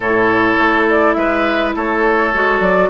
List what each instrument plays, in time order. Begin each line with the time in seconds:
0.00 bassoon A2, clarinet E4, oboe A4, flute C#5
0.57 bassoon A3
0.89 flute D5
1.13 bassoon G#3, oboe B4, flute E5
1.75 bassoon A3, oboe A4, flute C#5
2.34 bassoon G#3, clarinet F#4
2.60 bassoon F#3, flute D5